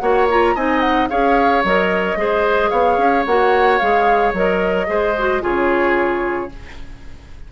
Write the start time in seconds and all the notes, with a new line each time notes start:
0.00 A#3 F#4 C#5 F#5
0.31 F4 A#5
0.55 C4 D#4 D#5 G#5
0.81 F#5
1.10 C#4 G#4 C#5 F5
1.64 F#3 A#4 D#5
2.16 G#3 G#4 C5
2.70 B3 C#5 F5
2.98 C#4
3.26 A#3 F#4 F#5
3.79 G#3 G#4 F5
4.33 F#3 A#4 D#5
4.87 G#3 G#4 C5
5.18 F#4
5.41 C#3 F4 G#4 C#5